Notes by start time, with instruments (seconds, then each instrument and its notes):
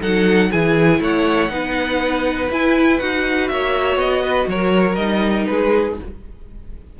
0.00 cello F#3, viola D#4, violin A4 F#5
0.51 cello E3, viola E4, violin G#4 G#5
1.00 cello A3, violin C#5 F#5
1.49 cello B3, viola D#4, violin B4
2.50 cello E4, viola E4, violin G#5
2.98 cello D#4, viola F#4, violin F#5
3.48 cello A#3, violin C#5 E5
3.96 cello B3, violin D#5
4.23 violin B4
4.47 cello F#3, violin A#4 C#5
4.95 cello G3, viola D#4, violin D#5
5.46 cello G#3, violin G#4 B4